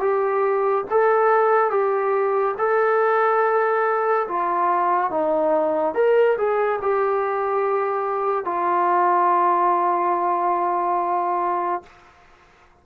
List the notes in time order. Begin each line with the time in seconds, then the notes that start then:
0.00 G4
0.90 A4
1.70 G4
2.58 A4
4.28 F4
5.10 D#4
5.95 A#4
6.37 G#4
6.81 G4
8.45 F4